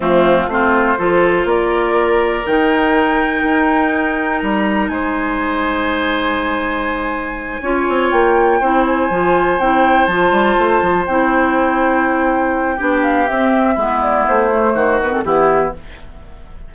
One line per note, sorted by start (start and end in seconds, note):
0.00 0.47 F3
0.00 0.46 A3
0.00 0.49 C4
0.00 0.50 F4
0.47 0.96 A3
0.47 0.98 C4
0.47 0.98 F4
0.47 1.48 C5
0.98 1.44 F3
0.98 2.44 F4
0.98 1.47 A4
1.44 2.43 A#3
1.44 4.91 A#4
1.44 2.46 D5
2.44 3.43 D#3
2.44 7.60 D#4
2.44 4.39 G5
3.43 4.41 D#4
4.39 4.89 G3
4.39 4.88 A#5
4.88 7.59 G#3
4.88 7.62 C5
4.88 8.08 G#5
7.61 7.86 C#4
7.61 8.62 F4
7.61 8.60 C#5
7.88 8.12 C4
8.11 8.61 A#3
8.11 8.84 G5
8.60 9.10 C4
8.60 9.11 E4
8.60 12.76 C5
8.86 9.59 G#5
9.10 9.59 F3
9.10 9.60 F4
9.59 10.07 C4
9.59 10.09 E4
9.59 10.05 G5
10.05 10.31 F3
10.05 11.09 F4
10.05 11.04 A5
10.31 10.55 G3
10.58 10.81 A3
10.81 11.06 F3
11.06 12.79 C4
11.06 12.78 E4
11.06 13.02 G5
12.76 13.29 B3
12.76 13.27 D4
12.76 13.73 G4
13.03 13.27 F5
13.27 13.76 C4
13.27 13.77 C4
13.27 14.01 E5
13.73 14.25 G#3
13.73 14.51 B3
13.73 14.72 E4
14.01 14.26 D5
14.27 14.74 A3
14.27 15.01 C5
14.51 15.00 A3
14.74 15.23 D#3
14.74 15.24 F#4
15.02 15.11 B3
15.02 15.13 B4
15.11 15.24 C4
15.11 15.24 A4
15.24 15.73 E3
15.24 15.74 B3
15.24 15.74 E4
15.24 15.73 G4